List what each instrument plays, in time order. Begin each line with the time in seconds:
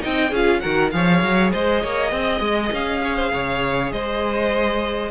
0.00 cello C4, viola D#4, violin D#5 G5
0.30 cello C#4, viola F4, violin G#4 F5
0.60 cello D#3, viola F#4, violin A#4 F#5
0.91 cello F3, viola G#4, violin C#5 F5
1.23 cello F#3
1.53 cello G#3, violin C5 D#5
1.82 cello A#3, violin C#5
2.10 cello C4, violin D#5
2.41 cello G#3
2.72 cello C#4, violin F5
3.04 violin C#5
3.16 violin C5
3.33 cello C#3, violin C#5
3.92 cello G#3, violin C5 D#5